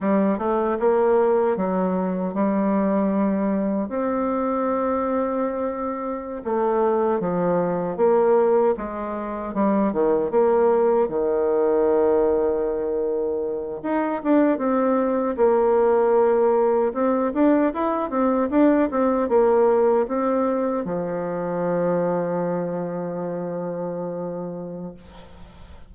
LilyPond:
\new Staff \with { instrumentName = "bassoon" } { \time 4/4 \tempo 4 = 77 g8 a8 ais4 fis4 g4~ | g4 c'2.~ | c'16 a4 f4 ais4 gis8.~ | gis16 g8 dis8 ais4 dis4.~ dis16~ |
dis4.~ dis16 dis'8 d'8 c'4 ais16~ | ais4.~ ais16 c'8 d'8 e'8 c'8 d'16~ | d'16 c'8 ais4 c'4 f4~ f16~ | f1 | }